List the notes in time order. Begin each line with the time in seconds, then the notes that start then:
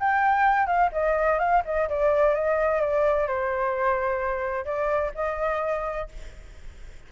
0.00 G5
0.67 F5
0.92 D#5
1.39 F5
1.65 D#5
1.89 D5
2.35 D#5
2.81 D5
3.28 C5
4.65 D5
5.15 D#5